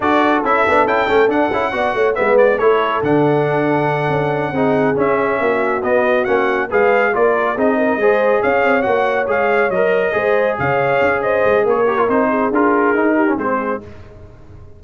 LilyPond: <<
  \new Staff \with { instrumentName = "trumpet" } { \time 4/4 \tempo 4 = 139 d''4 e''4 g''4 fis''4~ | fis''4 e''8 d''8 cis''4 fis''4~ | fis''2.~ fis''8 e''8~ | e''4. dis''4 fis''4 f''8~ |
f''8 d''4 dis''2 f''8~ | f''8 fis''4 f''4 dis''4.~ | dis''8 f''4. dis''4 cis''4 | c''4 ais'2 c''4 | }
  \new Staff \with { instrumentName = "horn" } { \time 4/4 a'1 | d''8 cis''8 b'4 a'2~ | a'2~ a'8 gis'4.~ | gis'8 fis'2. b'8~ |
b'8 ais'4 gis'8 ais'8 c''4 cis''8~ | cis''2.~ cis''8 c''8~ | c''8 cis''4. c''4 ais'4~ | ais'8 gis'2 g'8 gis'4 | }
  \new Staff \with { instrumentName = "trombone" } { \time 4/4 fis'4 e'8 d'8 e'8 cis'8 d'8 e'8 | fis'4 b4 e'4 d'4~ | d'2~ d'8 dis'4 cis'8~ | cis'4. b4 cis'4 gis'8~ |
gis'8 f'4 dis'4 gis'4.~ | gis'8 fis'4 gis'4 ais'4 gis'8~ | gis'2.~ gis'8 g'16 f'16 | dis'4 f'4 dis'8. cis'16 c'4 | }
  \new Staff \with { instrumentName = "tuba" } { \time 4/4 d'4 cis'8 b8 cis'8 a8 d'8 cis'8 | b8 a8 gis4 a4 d4~ | d4. cis'4 c'4 cis'8~ | cis'8 ais4 b4 ais4 gis8~ |
gis8 ais4 c'4 gis4 cis'8 | c'8 ais4 gis4 fis4 gis8~ | gis8 cis4 cis'4 gis8 ais4 | c'4 d'4 dis'4 gis4 | }
>>